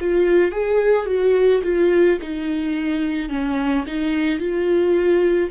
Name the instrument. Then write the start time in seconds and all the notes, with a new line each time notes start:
viola
0.00 F4
0.52 G#4
1.06 F#4
1.63 F4
2.22 D#4
3.29 C#4
3.87 D#4
4.39 F4